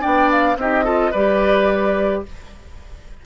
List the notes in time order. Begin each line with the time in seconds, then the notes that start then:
0.00 B3 D4 D5 G5
0.31 F5
0.56 C4 D#4 G4 D#5
0.84 F4 A4
1.11 G3 G4 B4 D5